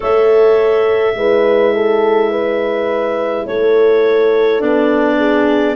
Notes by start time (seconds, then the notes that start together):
0.00 A3 A4 C#5 E5
1.14 G#3 E4 B4
1.74 A4
2.30 B4
3.46 A3 A4 C#5
4.59 B3 D4 D5
5.17 G#4